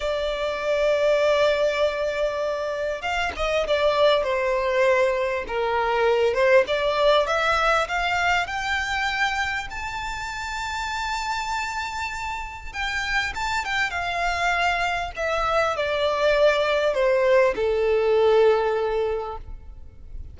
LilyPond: \new Staff \with { instrumentName = "violin" } { \time 4/4 \tempo 4 = 99 d''1~ | d''4 f''8 dis''8 d''4 c''4~ | c''4 ais'4. c''8 d''4 | e''4 f''4 g''2 |
a''1~ | a''4 g''4 a''8 g''8 f''4~ | f''4 e''4 d''2 | c''4 a'2. | }